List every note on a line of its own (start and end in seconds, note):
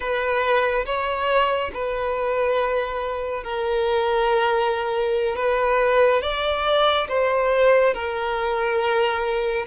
0.00 0.85 B4
0.85 1.71 C#5
1.73 3.43 B4
3.43 5.36 A#4
5.36 6.21 B4
6.21 7.07 D5
7.08 7.94 C5
7.94 9.65 A#4